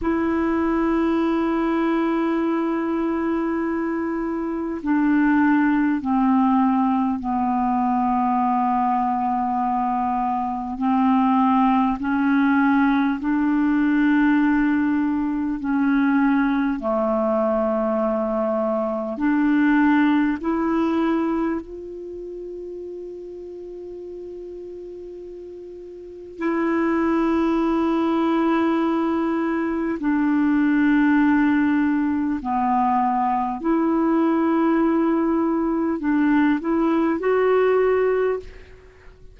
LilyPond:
\new Staff \with { instrumentName = "clarinet" } { \time 4/4 \tempo 4 = 50 e'1 | d'4 c'4 b2~ | b4 c'4 cis'4 d'4~ | d'4 cis'4 a2 |
d'4 e'4 f'2~ | f'2 e'2~ | e'4 d'2 b4 | e'2 d'8 e'8 fis'4 | }